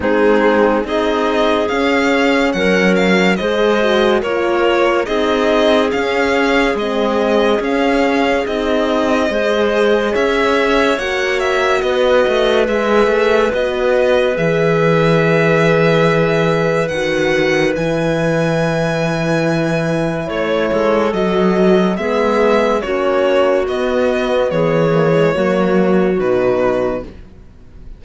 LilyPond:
<<
  \new Staff \with { instrumentName = "violin" } { \time 4/4 \tempo 4 = 71 gis'4 dis''4 f''4 fis''8 f''8 | dis''4 cis''4 dis''4 f''4 | dis''4 f''4 dis''2 | e''4 fis''8 e''8 dis''4 e''4 |
dis''4 e''2. | fis''4 gis''2. | cis''4 dis''4 e''4 cis''4 | dis''4 cis''2 b'4 | }
  \new Staff \with { instrumentName = "clarinet" } { \time 4/4 dis'4 gis'2 ais'4 | c''4 ais'4 gis'2~ | gis'2. c''4 | cis''2 b'2~ |
b'1~ | b'1 | cis''8 a'4. gis'4 fis'4~ | fis'4 gis'4 fis'2 | }
  \new Staff \with { instrumentName = "horn" } { \time 4/4 c'4 dis'4 cis'2 | gis'8 fis'8 f'4 dis'4 cis'4 | c'4 cis'4 dis'4 gis'4~ | gis'4 fis'2 gis'4 |
fis'4 gis'2. | fis'4 e'2.~ | e'4 fis'4 b4 cis'4 | b4. ais16 gis16 ais4 dis'4 | }
  \new Staff \with { instrumentName = "cello" } { \time 4/4 gis4 c'4 cis'4 fis4 | gis4 ais4 c'4 cis'4 | gis4 cis'4 c'4 gis4 | cis'4 ais4 b8 a8 gis8 a8 |
b4 e2. | dis4 e2. | a8 gis8 fis4 gis4 ais4 | b4 e4 fis4 b,4 | }
>>